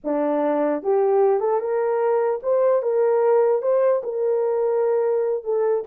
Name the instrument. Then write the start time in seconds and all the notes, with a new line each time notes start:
horn
0.03 D4
0.82 G4
1.40 A4
1.60 A#4
2.43 C5
2.82 A#4
3.61 C5
4.03 A#4
5.43 A4